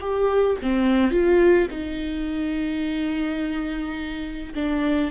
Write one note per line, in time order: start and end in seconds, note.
0.00 0.57 G4
0.62 1.11 C4
1.11 1.67 F4
1.71 4.54 D#4
4.55 5.11 D4